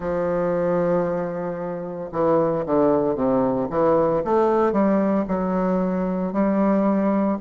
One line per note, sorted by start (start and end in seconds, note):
0.00 2.10 F3
2.11 2.64 E3
2.66 3.15 D3
3.15 3.67 C3
3.70 4.22 E3
4.24 4.72 A3
4.72 5.24 G3
5.27 6.33 F#3
6.33 7.38 G3